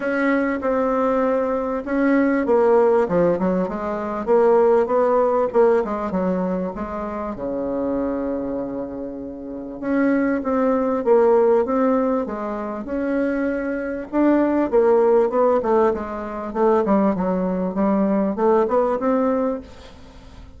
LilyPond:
\new Staff \with { instrumentName = "bassoon" } { \time 4/4 \tempo 4 = 98 cis'4 c'2 cis'4 | ais4 f8 fis8 gis4 ais4 | b4 ais8 gis8 fis4 gis4 | cis1 |
cis'4 c'4 ais4 c'4 | gis4 cis'2 d'4 | ais4 b8 a8 gis4 a8 g8 | fis4 g4 a8 b8 c'4 | }